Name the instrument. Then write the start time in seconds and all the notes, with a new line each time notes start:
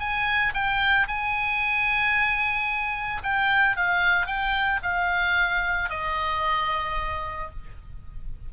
oboe
0.00 G#5
0.54 G5
1.08 G#5
3.24 G5
3.76 F5
4.27 G5
4.83 F5
5.90 D#5